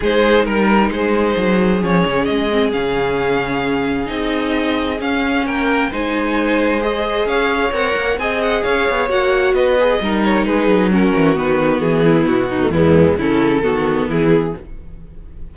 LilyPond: <<
  \new Staff \with { instrumentName = "violin" } { \time 4/4 \tempo 4 = 132 c''4 ais'4 c''2 | cis''4 dis''4 f''2~ | f''4 dis''2 f''4 | g''4 gis''2 dis''4 |
f''4 fis''4 gis''8 fis''8 f''4 | fis''4 dis''4. cis''8 b'4 | ais'4 b'4 gis'4 fis'4 | e'4 a'2 gis'4 | }
  \new Staff \with { instrumentName = "violin" } { \time 4/4 gis'4 ais'4 gis'2~ | gis'1~ | gis'1 | ais'4 c''2. |
cis''2 dis''4 cis''4~ | cis''4 b'4 ais'4 gis'4 | fis'2~ fis'8 e'4 dis'8 | b4 e'4 fis'4 e'4 | }
  \new Staff \with { instrumentName = "viola" } { \time 4/4 dis'1 | cis'4. c'8 cis'2~ | cis'4 dis'2 cis'4~ | cis'4 dis'2 gis'4~ |
gis'4 ais'4 gis'2 | fis'4. gis'8 dis'2 | cis'4 b2~ b8. a16 | gis4 cis'4 b2 | }
  \new Staff \with { instrumentName = "cello" } { \time 4/4 gis4 g4 gis4 fis4 | f8 cis8 gis4 cis2~ | cis4 c'2 cis'4 | ais4 gis2. |
cis'4 c'8 ais8 c'4 cis'8 b8 | ais4 b4 g4 gis8 fis8~ | fis8 e8 dis4 e4 b,4 | e,4 cis4 dis4 e4 | }
>>